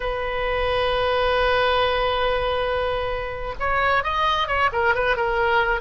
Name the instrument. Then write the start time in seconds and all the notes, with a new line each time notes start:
oboe
0.00 B4
3.59 C#5
4.03 D#5
4.47 C#5
4.72 A#4
4.94 B4
5.16 A#4